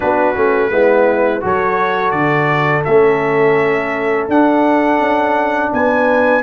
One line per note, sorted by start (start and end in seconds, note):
0.00 0.35 B3
0.00 0.35 D4
0.00 0.70 F#4
0.00 1.43 B4
0.35 0.70 A3
0.35 0.71 C#4
0.70 1.42 G#3
0.70 1.40 B3
0.70 1.43 E4
1.40 2.12 F#3
1.40 2.83 F#4
1.40 5.72 A4
1.40 2.10 C#5
2.10 2.83 D3
2.10 2.82 D5
2.84 4.28 A3
2.84 4.29 C#4
2.84 4.27 E5
4.28 4.99 D4
4.28 6.42 D4
4.28 5.72 F#5
4.99 5.70 C#4
5.72 6.42 B3
5.72 6.42 B4
5.72 6.42 G#5